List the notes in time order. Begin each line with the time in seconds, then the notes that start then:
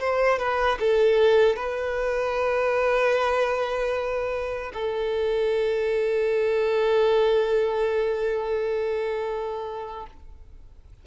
0.00 C5
0.39 B4
0.80 A4
1.56 B4
4.74 A4